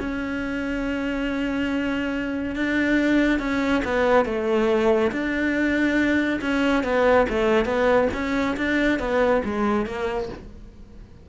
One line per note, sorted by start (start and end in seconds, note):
0.00 2.56 C#4
2.56 3.40 D4
3.40 3.83 C#4
3.85 4.25 B3
4.25 5.11 A3
5.12 6.40 D4
6.42 6.84 C#4
6.84 7.27 B3
7.29 7.65 A3
7.65 8.08 B3
8.14 8.56 C#4
8.57 8.99 D4
8.99 9.42 B3
9.45 9.86 G#3
9.86 10.29 A#3